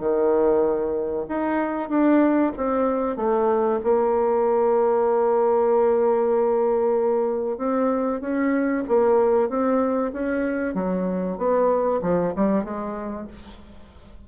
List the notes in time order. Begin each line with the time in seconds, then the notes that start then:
0.00 D#3
1.29 D#4
1.89 D4
2.57 C4
3.17 A3
3.84 A#3
7.58 C4
8.21 C#4
8.89 A#3
9.49 C4
10.13 C#4
10.75 F#3
11.38 B3
12.02 F3
12.36 G3
12.64 G#3